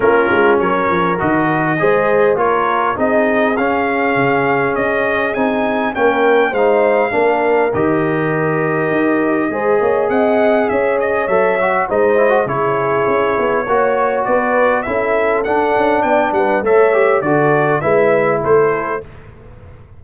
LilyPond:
<<
  \new Staff \with { instrumentName = "trumpet" } { \time 4/4 \tempo 4 = 101 ais'4 cis''4 dis''2 | cis''4 dis''4 f''2 | dis''4 gis''4 g''4 f''4~ | f''4 dis''2.~ |
dis''4 fis''4 e''8 dis''8 e''4 | dis''4 cis''2. | d''4 e''4 fis''4 g''8 fis''8 | e''4 d''4 e''4 c''4 | }
  \new Staff \with { instrumentName = "horn" } { \time 4/4 f'4 ais'2 c''4 | ais'4 gis'2.~ | gis'2 ais'4 c''4 | ais'1 |
c''8 cis''8 dis''4 cis''2 | c''4 gis'2 cis''4 | b'4 a'2 d''8 b'8 | cis''4 a'4 b'4 a'4 | }
  \new Staff \with { instrumentName = "trombone" } { \time 4/4 cis'2 fis'4 gis'4 | f'4 dis'4 cis'2~ | cis'4 dis'4 cis'4 dis'4 | d'4 g'2. |
gis'2. a'8 fis'8 | dis'8 e'16 fis'16 e'2 fis'4~ | fis'4 e'4 d'2 | a'8 g'8 fis'4 e'2 | }
  \new Staff \with { instrumentName = "tuba" } { \time 4/4 ais8 gis8 fis8 f8 dis4 gis4 | ais4 c'4 cis'4 cis4 | cis'4 c'4 ais4 gis4 | ais4 dis2 dis'4 |
gis8 ais8 c'4 cis'4 fis4 | gis4 cis4 cis'8 b8 ais4 | b4 cis'4 d'8 cis'8 b8 g8 | a4 d4 gis4 a4 | }
>>